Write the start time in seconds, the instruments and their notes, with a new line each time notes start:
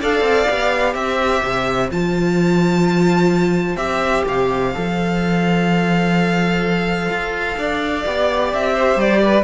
0.00 cello D4, viola A4, violin D5 F5
0.20 cello C4
0.47 cello B3, viola G4
0.94 cello C4, violin C5 E5
1.43 cello C3
1.91 cello F3, viola F4, violin A5
3.76 cello C4, viola G4, violin E5
4.27 cello C3, violin F5
4.74 cello F3, viola A4
7.09 cello F4
7.57 cello D4, violin D5
8.06 cello B3, viola G4
8.53 cello C4, violin E5
8.74 violin C5
8.96 cello G3, violin D5
9.22 violin B4